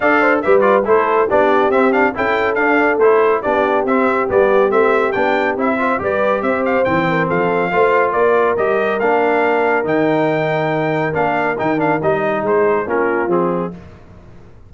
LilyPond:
<<
  \new Staff \with { instrumentName = "trumpet" } { \time 4/4 \tempo 4 = 140 f''4 e''8 d''8 c''4 d''4 | e''8 f''8 g''4 f''4 c''4 | d''4 e''4 d''4 e''4 | g''4 e''4 d''4 e''8 f''8 |
g''4 f''2 d''4 | dis''4 f''2 g''4~ | g''2 f''4 g''8 f''8 | dis''4 c''4 ais'4 gis'4 | }
  \new Staff \with { instrumentName = "horn" } { \time 4/4 d''8 c''8 b'4 a'4 g'4~ | g'4 a'2. | g'1~ | g'4. c''8 b'4 c''4~ |
c''8 ais'8 a'4 c''4 ais'4~ | ais'1~ | ais'1~ | ais'4 gis'4 f'2 | }
  \new Staff \with { instrumentName = "trombone" } { \time 4/4 a'4 g'8 f'8 e'4 d'4 | c'8 d'8 e'4 d'4 e'4 | d'4 c'4 b4 c'4 | d'4 e'8 f'8 g'2 |
c'2 f'2 | g'4 d'2 dis'4~ | dis'2 d'4 dis'8 d'8 | dis'2 cis'4 c'4 | }
  \new Staff \with { instrumentName = "tuba" } { \time 4/4 d'4 g4 a4 b4 | c'4 cis'4 d'4 a4 | b4 c'4 g4 a4 | b4 c'4 g4 c'4 |
e4 f4 a4 ais4 | g4 ais2 dis4~ | dis2 ais4 dis4 | g4 gis4 ais4 f4 | }
>>